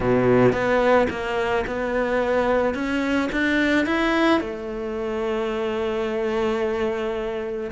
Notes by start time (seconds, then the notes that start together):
0.00 B2
0.52 B3
1.09 A#3
1.66 B3
2.74 C#4
3.32 D4
3.86 E4
4.40 A3